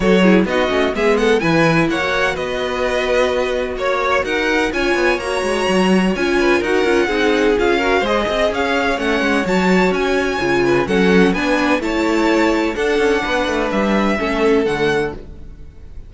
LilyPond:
<<
  \new Staff \with { instrumentName = "violin" } { \time 4/4 \tempo 4 = 127 cis''4 dis''4 e''8 fis''8 gis''4 | fis''4 dis''2. | cis''4 fis''4 gis''4 ais''4~ | ais''4 gis''4 fis''2 |
f''4 dis''4 f''4 fis''4 | a''4 gis''2 fis''4 | gis''4 a''2 fis''4~ | fis''4 e''2 fis''4 | }
  \new Staff \with { instrumentName = "violin" } { \time 4/4 a'8 gis'8 fis'4 gis'8 a'8 b'4 | cis''4 b'2. | cis''4 ais'4 cis''2~ | cis''4. b'8 ais'4 gis'4~ |
gis'8 ais'8 c''8 dis''8 cis''2~ | cis''2~ cis''8 b'8 a'4 | b'4 cis''2 a'4 | b'2 a'2 | }
  \new Staff \with { instrumentName = "viola" } { \time 4/4 fis'8 e'8 dis'8 cis'8 b4 e'4~ | e'16 fis'2.~ fis'8.~ | fis'2 f'4 fis'4~ | fis'4 f'4 fis'8 f'8 dis'4 |
f'8 fis'8 gis'2 cis'4 | fis'2 f'4 cis'4 | d'4 e'2 d'4~ | d'2 cis'4 a4 | }
  \new Staff \with { instrumentName = "cello" } { \time 4/4 fis4 b8 a8 gis4 e4 | ais4 b2. | ais4 dis'4 cis'8 b8 ais8 gis8 | fis4 cis'4 dis'8 cis'8 c'4 |
cis'4 gis8 c'8 cis'4 a8 gis8 | fis4 cis'4 cis4 fis4 | b4 a2 d'8 cis'8 | b8 a8 g4 a4 d4 | }
>>